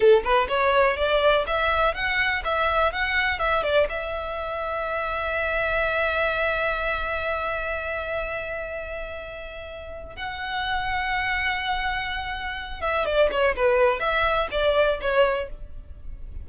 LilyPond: \new Staff \with { instrumentName = "violin" } { \time 4/4 \tempo 4 = 124 a'8 b'8 cis''4 d''4 e''4 | fis''4 e''4 fis''4 e''8 d''8 | e''1~ | e''1~ |
e''1~ | e''4 fis''2.~ | fis''2~ fis''8 e''8 d''8 cis''8 | b'4 e''4 d''4 cis''4 | }